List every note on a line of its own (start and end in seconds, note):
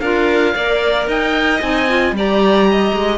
0.00 0.54 D4
0.00 0.55 F4
0.00 0.54 A#4
0.00 1.06 F5
0.55 1.07 A#3
0.55 1.61 A#4
0.55 1.08 D5
1.07 1.60 D#4
1.07 2.14 D#5
1.07 1.61 G5
1.61 2.12 C4
1.61 1.88 D#4
1.61 2.14 G#5
1.88 2.14 F4
2.12 2.91 G3
2.12 3.18 G4
2.12 2.70 D5
2.18 3.18 A#5
2.70 3.18 D#5
2.93 3.18 G#3